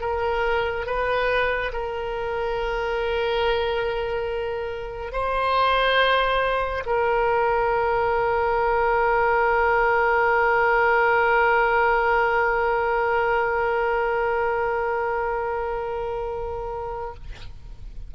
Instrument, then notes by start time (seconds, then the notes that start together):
oboe
0.00 A#4
0.86 B4
1.72 A#4
5.12 C5
6.85 A#4